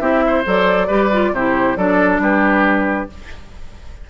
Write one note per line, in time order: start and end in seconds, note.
0.00 0.45 C4
0.00 0.45 E4
0.00 0.24 G4
0.00 0.44 E5
0.27 0.88 C5
0.46 0.90 F#3
0.46 0.89 A4
0.46 1.35 D5
0.88 1.33 G3
0.88 1.11 G4
0.88 1.32 B4
1.13 1.35 F4
1.33 1.77 C3
1.33 1.78 E4
1.33 1.78 G4
1.33 1.78 C5
1.77 2.19 F#3
1.77 3.10 D4
1.77 2.22 A4
1.77 2.21 D5
2.19 3.07 G3
2.19 3.10 G4
2.19 3.10 B4